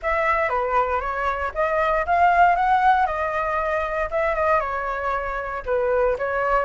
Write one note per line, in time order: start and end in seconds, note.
0.02 0.49 E5
0.49 1.00 B4
1.00 1.51 C#5
1.54 2.05 D#5
2.05 2.55 F5
2.55 3.06 F#5
3.06 4.09 D#5
4.10 4.34 E5
4.34 4.60 D#5
4.60 5.62 C#5
5.65 6.17 B4
6.18 6.65 C#5